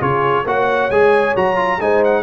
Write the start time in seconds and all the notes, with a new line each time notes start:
0.00 C#3 F4 G#4 C#5
0.45 A#3 F#4 C#5 F#5
0.90 G#3 G#4 G#5
1.36 F#3 F#4 A#5
1.56 F4
1.80 G#3 D#4 C5 G#5
2.05 F#5